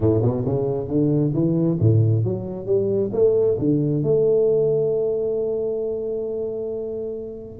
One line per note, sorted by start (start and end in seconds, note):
0.00 0.22 A2
0.22 0.44 B2
0.45 0.87 C#3
0.87 1.32 D3
1.33 1.78 E3
1.80 2.24 A2
2.24 2.66 F#3
2.66 3.10 G3
3.12 3.57 A3
3.59 4.03 D3
4.03 7.59 A3